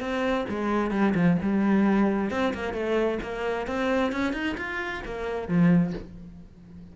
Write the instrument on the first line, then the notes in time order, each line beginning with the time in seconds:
cello
0.00 C4
0.49 G#3
0.91 G3
1.15 F3
1.42 G3
2.31 C4
2.54 A#3
2.73 A3
3.23 A#3
3.67 C4
4.12 C#4
4.33 D#4
4.57 F4
5.05 A#3
5.48 F3